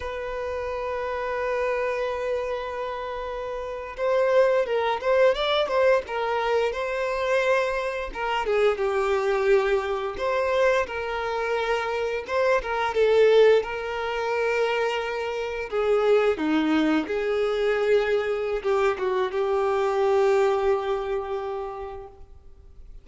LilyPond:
\new Staff \with { instrumentName = "violin" } { \time 4/4 \tempo 4 = 87 b'1~ | b'4.~ b'16 c''4 ais'8 c''8 d''16~ | d''16 c''8 ais'4 c''2 ais'16~ | ais'16 gis'8 g'2 c''4 ais'16~ |
ais'4.~ ais'16 c''8 ais'8 a'4 ais'16~ | ais'2~ ais'8. gis'4 dis'16~ | dis'8. gis'2~ gis'16 g'8 fis'8 | g'1 | }